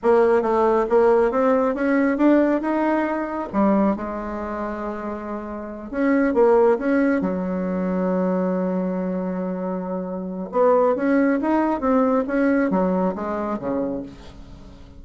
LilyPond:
\new Staff \with { instrumentName = "bassoon" } { \time 4/4 \tempo 4 = 137 ais4 a4 ais4 c'4 | cis'4 d'4 dis'2 | g4 gis2.~ | gis4. cis'4 ais4 cis'8~ |
cis'8 fis2.~ fis8~ | fis1 | b4 cis'4 dis'4 c'4 | cis'4 fis4 gis4 cis4 | }